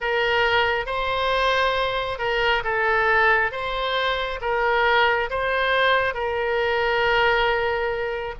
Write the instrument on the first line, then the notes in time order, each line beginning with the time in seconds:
oboe
0.00 A#4
0.86 C5
2.18 A#4
2.64 A4
3.51 C5
4.41 A#4
5.29 C5
6.14 A#4